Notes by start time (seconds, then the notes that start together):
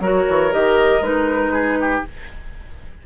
0.00 F#3 F#4 A#4 C#5
0.29 E3
0.51 D#3 G4 D#5
1.01 G#3 D#4 B4
1.53 G#4
1.81 G4